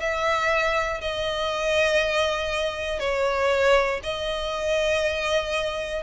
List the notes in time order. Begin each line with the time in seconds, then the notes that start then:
0.00 E5
1.01 D#5
3.00 C#5
4.03 D#5